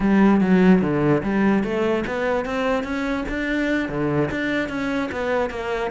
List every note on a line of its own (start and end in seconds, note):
0.00 0.40 G3
0.40 0.81 F#3
0.81 1.22 D3
1.23 1.63 G3
1.63 2.04 A3
2.06 2.45 B3
2.45 2.83 C4
2.83 3.24 C#4
3.28 3.88 D4
3.88 4.29 D3
4.30 4.68 D4
4.68 5.09 C#4
5.11 5.50 B3
5.50 5.90 A#3